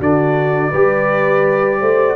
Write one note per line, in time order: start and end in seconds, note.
0.00 0.72 D3
0.00 0.73 D4
0.00 0.71 F#4
0.00 2.16 D5
0.71 1.81 G3
0.71 2.16 G4
0.71 1.80 B4
1.80 2.16 A3
1.80 2.16 C5